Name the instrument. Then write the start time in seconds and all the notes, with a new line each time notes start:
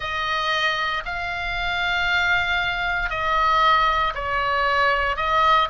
oboe
0.00 D#5
1.05 F5
3.09 D#5
4.14 C#5
5.16 D#5